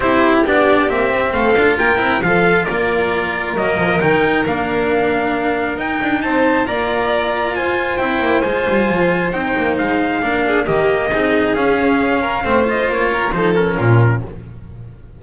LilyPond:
<<
  \new Staff \with { instrumentName = "trumpet" } { \time 4/4 \tempo 4 = 135 c''4 d''4 e''4 f''4 | g''4 f''4 d''2 | dis''4 g''4 f''2~ | f''4 g''4 a''4 ais''4~ |
ais''4 gis''4 g''4 gis''4~ | gis''4 g''4 f''2 | dis''2 f''2~ | f''8 dis''8 cis''4 c''8 ais'4. | }
  \new Staff \with { instrumentName = "violin" } { \time 4/4 g'2. a'4 | ais'4 a'4 ais'2~ | ais'1~ | ais'2 c''4 d''4~ |
d''4 c''2.~ | c''2. ais'8 gis'8 | g'4 gis'2~ gis'8 ais'8 | c''4. ais'8 a'4 f'4 | }
  \new Staff \with { instrumentName = "cello" } { \time 4/4 e'4 d'4 c'4. f'8~ | f'8 e'8 f'2. | ais4 dis'4 d'2~ | d'4 dis'2 f'4~ |
f'2 e'4 f'4~ | f'4 dis'2 d'4 | ais4 dis'4 cis'2 | c'8 f'4. dis'8 cis'4. | }
  \new Staff \with { instrumentName = "double bass" } { \time 4/4 c'4 b4 ais8 c'8 a8 d'8 | ais8 c'8 f4 ais2 | fis8 f8 dis4 ais2~ | ais4 dis'8 d'8 c'4 ais4~ |
ais4 f'4 c'8 ais8 gis8 g8 | f4 c'8 ais8 gis4 ais4 | dis4 c'4 cis'2 | a4 ais4 f4 ais,4 | }
>>